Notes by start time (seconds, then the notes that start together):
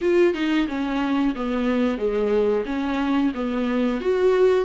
0.01 F4
0.33 D#4
0.68 C#4
1.35 B3
1.98 G#3
2.65 C#4
3.34 B3
4.00 F#4